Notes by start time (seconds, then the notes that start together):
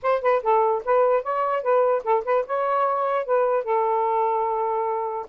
0.02 C5
0.22 B4
0.42 A4
0.84 B4
1.23 C#5
1.62 B4
2.03 A4
2.24 B4
2.46 C#5
3.25 B4
3.64 A4